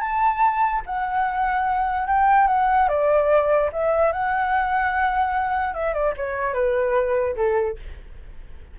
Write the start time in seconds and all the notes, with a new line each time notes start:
0.00 A5
0.86 F#5
2.07 G5
2.47 F#5
2.88 D5
3.72 E5
4.12 F#5
5.74 E5
5.93 D5
6.16 C#5
6.53 B4
7.35 A4